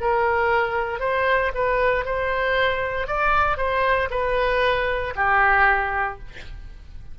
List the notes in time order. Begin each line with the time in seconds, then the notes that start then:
0.00 A#4
0.99 C5
1.54 B4
2.05 C5
3.07 D5
3.57 C5
4.10 B4
5.15 G4